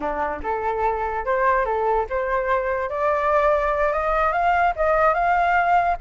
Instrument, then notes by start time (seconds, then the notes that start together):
flute
0.00 D4
0.42 A4
1.25 C5
1.65 A4
2.09 C5
2.89 D5
3.92 D#5
4.32 F5
4.75 D#5
5.13 F5